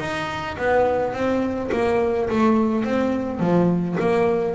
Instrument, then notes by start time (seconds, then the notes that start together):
double bass
0.00 D#4
0.58 B3
1.14 C4
1.73 A#3
2.30 A3
2.85 C4
3.40 F3
4.00 A#3